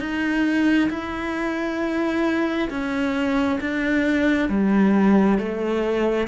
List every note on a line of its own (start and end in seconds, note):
0.00 0.90 D#4
0.90 2.69 E4
2.70 3.59 C#4
3.61 4.49 D4
4.49 5.39 G3
5.39 6.28 A3